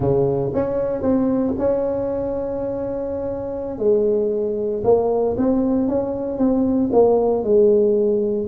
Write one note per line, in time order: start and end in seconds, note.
0.00 0.52 C#3
0.54 1.02 C#4
1.02 1.54 C4
1.58 3.78 C#4
3.78 4.82 G#3
4.84 5.36 A#3
5.37 5.88 C4
5.88 6.37 C#4
6.37 6.90 C4
6.92 7.43 A#3
7.43 8.47 G#3